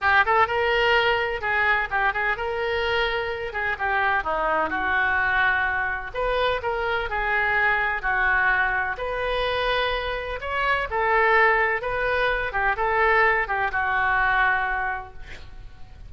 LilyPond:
\new Staff \with { instrumentName = "oboe" } { \time 4/4 \tempo 4 = 127 g'8 a'8 ais'2 gis'4 | g'8 gis'8 ais'2~ ais'8 gis'8 | g'4 dis'4 fis'2~ | fis'4 b'4 ais'4 gis'4~ |
gis'4 fis'2 b'4~ | b'2 cis''4 a'4~ | a'4 b'4. g'8 a'4~ | a'8 g'8 fis'2. | }